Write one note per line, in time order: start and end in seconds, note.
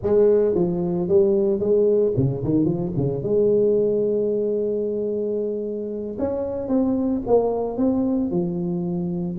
0.02 0.55 G#3
0.55 1.08 F3
1.08 1.59 G3
1.59 2.13 G#3
2.16 2.43 C#3
2.44 2.65 D#3
2.65 2.91 F3
2.96 3.22 C#3
3.22 6.17 G#3
6.19 6.68 C#4
6.68 7.21 C4
7.26 7.77 A#3
7.77 8.30 C4
8.30 9.37 F3